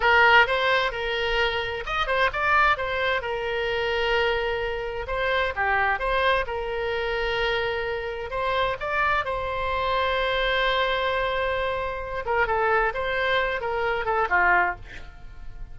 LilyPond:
\new Staff \with { instrumentName = "oboe" } { \time 4/4 \tempo 4 = 130 ais'4 c''4 ais'2 | dis''8 c''8 d''4 c''4 ais'4~ | ais'2. c''4 | g'4 c''4 ais'2~ |
ais'2 c''4 d''4 | c''1~ | c''2~ c''8 ais'8 a'4 | c''4. ais'4 a'8 f'4 | }